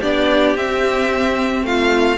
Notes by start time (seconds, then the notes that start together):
0.00 B3 D4 G4 D5
0.56 C4 E5
1.63 A3 F4 F5